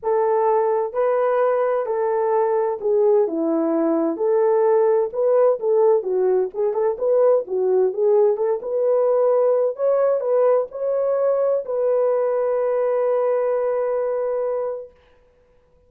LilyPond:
\new Staff \with { instrumentName = "horn" } { \time 4/4 \tempo 4 = 129 a'2 b'2 | a'2 gis'4 e'4~ | e'4 a'2 b'4 | a'4 fis'4 gis'8 a'8 b'4 |
fis'4 gis'4 a'8 b'4.~ | b'4 cis''4 b'4 cis''4~ | cis''4 b'2.~ | b'1 | }